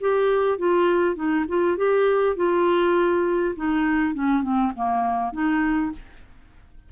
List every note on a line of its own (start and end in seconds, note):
0.00 0.58 G4
0.58 1.15 F4
1.15 1.45 D#4
1.48 1.77 F4
1.77 2.36 G4
2.36 3.55 F4
3.55 4.14 D#4
4.14 4.42 C#4
4.42 4.72 C4
4.75 5.32 A#3
5.32 5.92 D#4